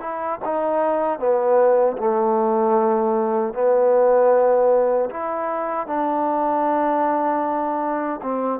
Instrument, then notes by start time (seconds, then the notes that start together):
trombone
0.00 E4
0.45 D#4
1.19 B3
1.98 A3
3.53 B3
5.10 E4
5.87 D4
8.22 C4